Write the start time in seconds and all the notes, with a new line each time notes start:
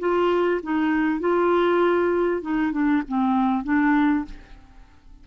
0.00 F4
0.63 D#4
1.21 F4
2.42 D#4
2.72 D4
3.09 C4
3.64 D4